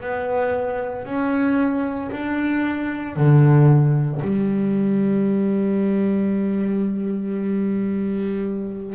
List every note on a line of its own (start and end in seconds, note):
0.00 1.05 B3
1.05 2.11 C#4
2.11 3.16 D4
3.16 4.21 D3
4.22 8.95 G3